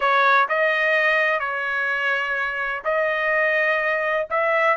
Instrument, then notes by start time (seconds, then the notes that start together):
trumpet
0.00 C#5
0.48 D#5
1.39 C#5
2.84 D#5
4.30 E5